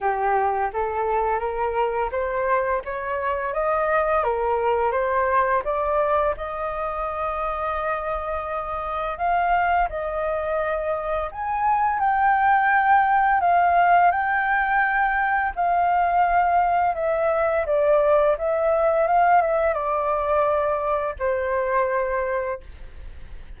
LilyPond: \new Staff \with { instrumentName = "flute" } { \time 4/4 \tempo 4 = 85 g'4 a'4 ais'4 c''4 | cis''4 dis''4 ais'4 c''4 | d''4 dis''2.~ | dis''4 f''4 dis''2 |
gis''4 g''2 f''4 | g''2 f''2 | e''4 d''4 e''4 f''8 e''8 | d''2 c''2 | }